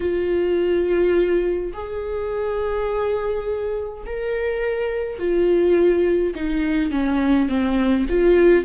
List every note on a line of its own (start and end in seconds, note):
0.00 1.73 F4
1.73 4.04 G#4
4.05 5.18 A#4
5.18 6.34 F4
6.35 6.91 D#4
6.91 7.48 C#4
7.48 8.06 C4
8.09 8.64 F4